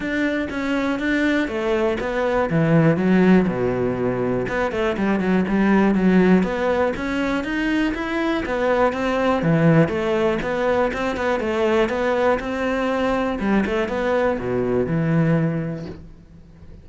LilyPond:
\new Staff \with { instrumentName = "cello" } { \time 4/4 \tempo 4 = 121 d'4 cis'4 d'4 a4 | b4 e4 fis4 b,4~ | b,4 b8 a8 g8 fis8 g4 | fis4 b4 cis'4 dis'4 |
e'4 b4 c'4 e4 | a4 b4 c'8 b8 a4 | b4 c'2 g8 a8 | b4 b,4 e2 | }